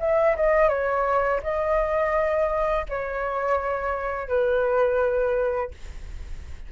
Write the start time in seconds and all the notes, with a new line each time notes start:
0.00 E5
0.36 D#5
0.69 C#5
1.43 D#5
2.89 C#5
4.28 B4